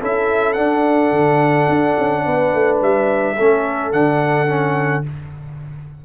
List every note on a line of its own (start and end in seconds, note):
0.00 0.58 C#4
0.00 0.56 E4
0.00 2.24 A4
0.00 0.53 E5
0.53 3.36 D4
0.53 1.12 D4
0.53 2.77 F#5
1.12 1.68 D3
1.69 1.97 D4
1.98 2.26 C#4
2.25 2.54 B3
2.25 3.37 B4
2.54 2.82 A3
2.82 3.38 G3
2.82 3.92 E5
3.37 3.93 A3
3.37 3.93 C#4
3.37 5.05 A4
3.92 5.05 D3
3.92 4.47 D4
3.92 5.04 F#5
4.47 5.03 C#4